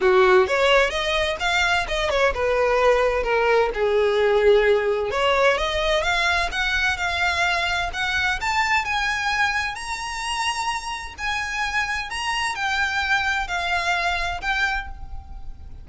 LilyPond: \new Staff \with { instrumentName = "violin" } { \time 4/4 \tempo 4 = 129 fis'4 cis''4 dis''4 f''4 | dis''8 cis''8 b'2 ais'4 | gis'2. cis''4 | dis''4 f''4 fis''4 f''4~ |
f''4 fis''4 a''4 gis''4~ | gis''4 ais''2. | gis''2 ais''4 g''4~ | g''4 f''2 g''4 | }